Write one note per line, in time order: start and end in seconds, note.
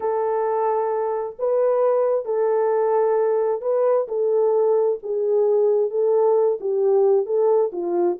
0.00 1.36 A4
1.38 2.25 B4
2.25 3.61 A4
3.61 4.07 B4
4.08 4.99 A4
5.02 5.90 G#4
5.90 6.58 A4
6.60 7.25 G4
7.25 7.71 A4
7.72 8.17 F4